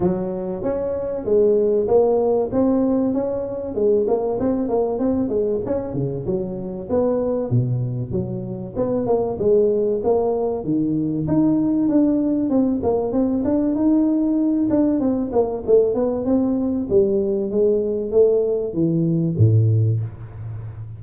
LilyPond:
\new Staff \with { instrumentName = "tuba" } { \time 4/4 \tempo 4 = 96 fis4 cis'4 gis4 ais4 | c'4 cis'4 gis8 ais8 c'8 ais8 | c'8 gis8 cis'8 cis8 fis4 b4 | b,4 fis4 b8 ais8 gis4 |
ais4 dis4 dis'4 d'4 | c'8 ais8 c'8 d'8 dis'4. d'8 | c'8 ais8 a8 b8 c'4 g4 | gis4 a4 e4 a,4 | }